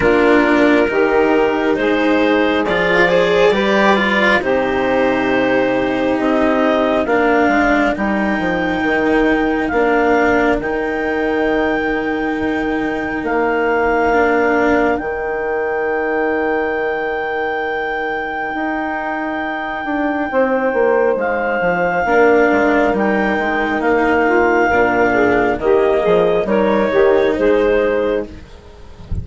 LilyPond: <<
  \new Staff \with { instrumentName = "clarinet" } { \time 4/4 \tempo 4 = 68 ais'2 c''4 d''4~ | d''4 c''2 dis''4 | f''4 g''2 f''4 | g''2. f''4~ |
f''4 g''2.~ | g''1 | f''2 g''4 f''4~ | f''4 dis''4 cis''4 c''4 | }
  \new Staff \with { instrumentName = "saxophone" } { \time 4/4 f'4 g'4 gis'4. c''8 | b'4 g'2. | ais'1~ | ais'1~ |
ais'1~ | ais'2. c''4~ | c''4 ais'2~ ais'8 f'8 | ais'8 gis'8 g'8 gis'8 ais'8 g'8 gis'4 | }
  \new Staff \with { instrumentName = "cello" } { \time 4/4 d'4 dis'2 f'8 gis'8 | g'8 f'8 dis'2. | d'4 dis'2 d'4 | dis'1 |
d'4 dis'2.~ | dis'1~ | dis'4 d'4 dis'2 | d'4 ais4 dis'2 | }
  \new Staff \with { instrumentName = "bassoon" } { \time 4/4 ais4 dis4 gis4 f4 | g4 c2 c'4 | ais8 gis8 g8 f8 dis4 ais4 | dis2. ais4~ |
ais4 dis2.~ | dis4 dis'4. d'8 c'8 ais8 | gis8 f8 ais8 gis8 g8 gis8 ais4 | ais,4 dis8 f8 g8 dis8 gis4 | }
>>